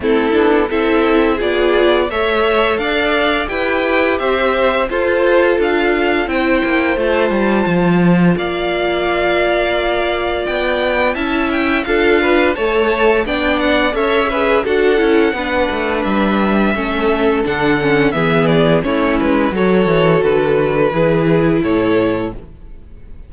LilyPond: <<
  \new Staff \with { instrumentName = "violin" } { \time 4/4 \tempo 4 = 86 a'4 e''4 d''4 e''4 | f''4 g''4 e''4 c''4 | f''4 g''4 a''2 | f''2. g''4 |
a''8 g''8 f''4 a''4 g''8 fis''8 | e''4 fis''2 e''4~ | e''4 fis''4 e''8 d''8 cis''8 b'8 | cis''4 b'2 cis''4 | }
  \new Staff \with { instrumentName = "violin" } { \time 4/4 e'4 a'4 gis'4 cis''4 | d''4 b'4 c''4 a'4~ | a'4 c''2. | d''1 |
e''4 a'8 b'8 cis''4 d''4 | cis''8 b'8 a'4 b'2 | a'2 gis'4 e'4 | a'2 gis'4 a'4 | }
  \new Staff \with { instrumentName = "viola" } { \time 4/4 c'8 d'8 e'4 f'4 a'4~ | a'4 g'2 f'4~ | f'4 e'4 f'2~ | f'1 |
e'4 f'4 a'4 d'4 | a'8 gis'8 fis'8 e'8 d'2 | cis'4 d'8 cis'8 b4 cis'4 | fis'2 e'2 | }
  \new Staff \with { instrumentName = "cello" } { \time 4/4 a8 b8 c'4 b4 a4 | d'4 e'4 c'4 f'4 | d'4 c'8 ais8 a8 g8 f4 | ais2. b4 |
cis'4 d'4 a4 b4 | cis'4 d'8 cis'8 b8 a8 g4 | a4 d4 e4 a8 gis8 | fis8 e8 d4 e4 a,4 | }
>>